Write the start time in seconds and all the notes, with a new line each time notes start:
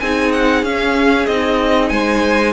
0.00 C4 D#4 G#4 G#5
0.32 F#5
0.63 C#4 F5
1.26 C4 D#4 D#5
1.89 G#3 C5 G#5